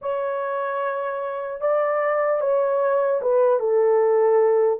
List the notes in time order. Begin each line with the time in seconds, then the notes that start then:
0.01 C#5
1.61 D5
2.41 C#5
3.21 B4
3.59 A4